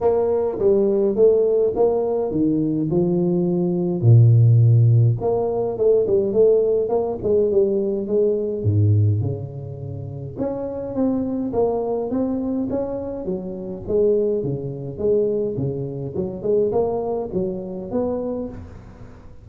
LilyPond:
\new Staff \with { instrumentName = "tuba" } { \time 4/4 \tempo 4 = 104 ais4 g4 a4 ais4 | dis4 f2 ais,4~ | ais,4 ais4 a8 g8 a4 | ais8 gis8 g4 gis4 gis,4 |
cis2 cis'4 c'4 | ais4 c'4 cis'4 fis4 | gis4 cis4 gis4 cis4 | fis8 gis8 ais4 fis4 b4 | }